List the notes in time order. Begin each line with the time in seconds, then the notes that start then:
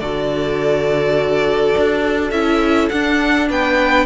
0.00 D3 F#4 A4 D5
1.78 D4
2.31 C#4 E4 E5
2.90 D4 F#5
3.49 B3 B4 G5